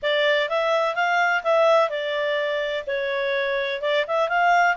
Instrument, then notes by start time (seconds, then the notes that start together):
clarinet
0.02 D5
0.49 E5
0.95 F5
1.43 E5
1.89 D5
2.86 C#5
3.81 D5
4.07 E5
4.28 F5